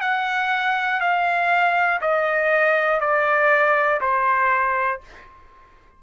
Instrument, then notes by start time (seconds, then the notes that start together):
trumpet
0.00 F#5
1.00 F5
2.00 D#5
3.00 D5
4.00 C5